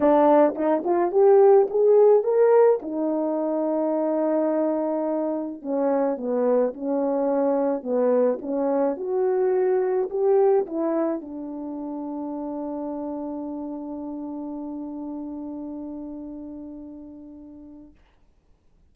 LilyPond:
\new Staff \with { instrumentName = "horn" } { \time 4/4 \tempo 4 = 107 d'4 dis'8 f'8 g'4 gis'4 | ais'4 dis'2.~ | dis'2 cis'4 b4 | cis'2 b4 cis'4 |
fis'2 g'4 e'4 | d'1~ | d'1~ | d'1 | }